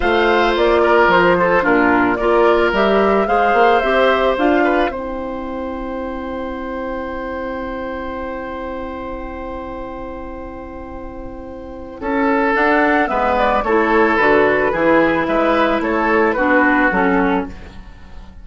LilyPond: <<
  \new Staff \with { instrumentName = "flute" } { \time 4/4 \tempo 4 = 110 f''4 d''4 c''4 ais'4 | d''4 e''4 f''4 e''4 | f''4 g''2.~ | g''1~ |
g''1~ | g''2. fis''4 | e''8 d''8 cis''4 b'2 | e''4 cis''4 b'4 a'4 | }
  \new Staff \with { instrumentName = "oboe" } { \time 4/4 c''4. ais'4 a'8 f'4 | ais'2 c''2~ | c''8 b'8 c''2.~ | c''1~ |
c''1~ | c''2 a'2 | b'4 a'2 gis'4 | b'4 a'4 fis'2 | }
  \new Staff \with { instrumentName = "clarinet" } { \time 4/4 f'2. d'4 | f'4 g'4 gis'4 g'4 | f'4 e'2.~ | e'1~ |
e'1~ | e'2. d'4 | b4 e'4 fis'4 e'4~ | e'2 d'4 cis'4 | }
  \new Staff \with { instrumentName = "bassoon" } { \time 4/4 a4 ais4 f4 ais,4 | ais4 g4 gis8 ais8 c'4 | d'4 c'2.~ | c'1~ |
c'1~ | c'2 cis'4 d'4 | gis4 a4 d4 e4 | gis4 a4 b4 fis4 | }
>>